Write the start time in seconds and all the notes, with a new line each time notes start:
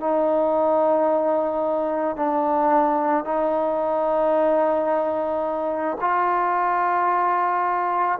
0.00 D#4
2.17 D4
3.25 D#4
6.01 F4